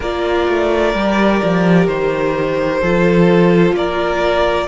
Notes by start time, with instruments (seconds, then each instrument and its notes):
0.00 cello A#3, viola F4, violin A#4 D5
0.48 cello A3
0.94 cello G3, viola G4
1.43 cello F3
1.87 cello D#3, violin C5
2.80 cello F3, viola F4, violin A4
3.72 cello A#3, violin A#4 D5